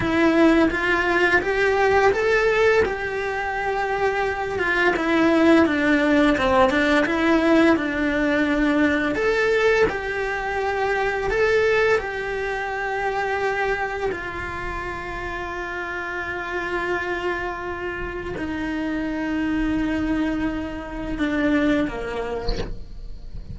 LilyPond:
\new Staff \with { instrumentName = "cello" } { \time 4/4 \tempo 4 = 85 e'4 f'4 g'4 a'4 | g'2~ g'8 f'8 e'4 | d'4 c'8 d'8 e'4 d'4~ | d'4 a'4 g'2 |
a'4 g'2. | f'1~ | f'2 dis'2~ | dis'2 d'4 ais4 | }